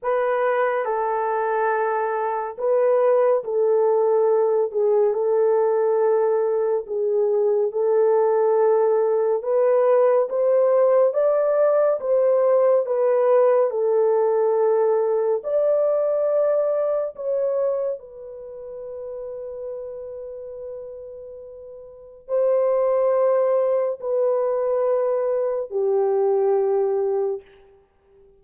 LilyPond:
\new Staff \with { instrumentName = "horn" } { \time 4/4 \tempo 4 = 70 b'4 a'2 b'4 | a'4. gis'8 a'2 | gis'4 a'2 b'4 | c''4 d''4 c''4 b'4 |
a'2 d''2 | cis''4 b'2.~ | b'2 c''2 | b'2 g'2 | }